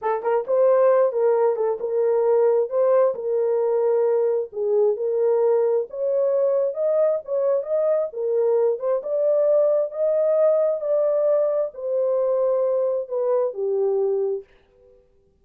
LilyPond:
\new Staff \with { instrumentName = "horn" } { \time 4/4 \tempo 4 = 133 a'8 ais'8 c''4. ais'4 a'8 | ais'2 c''4 ais'4~ | ais'2 gis'4 ais'4~ | ais'4 cis''2 dis''4 |
cis''4 dis''4 ais'4. c''8 | d''2 dis''2 | d''2 c''2~ | c''4 b'4 g'2 | }